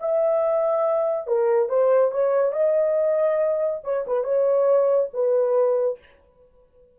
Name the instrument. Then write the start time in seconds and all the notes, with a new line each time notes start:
horn
0.00 E5
1.27 A#4
1.69 C5
2.12 C#5
2.52 D#5
3.84 C#5
4.07 B4
4.24 C#5
5.14 B4